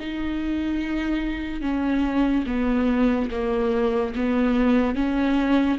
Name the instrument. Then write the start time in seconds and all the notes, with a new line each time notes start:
viola
0.00 D#4
1.62 C#4
2.47 B3
3.31 A#3
4.16 B3
4.95 C#4